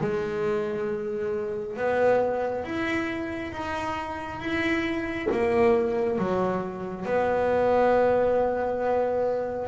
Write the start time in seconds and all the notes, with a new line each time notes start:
0.00 G#3
1.76 B3
2.64 E4
3.52 D#4
4.39 E4
5.31 A#3
6.18 F#3
7.05 B3